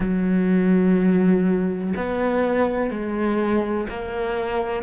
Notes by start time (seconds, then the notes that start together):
0.00 F#3
1.96 B3
2.90 G#3
3.89 A#3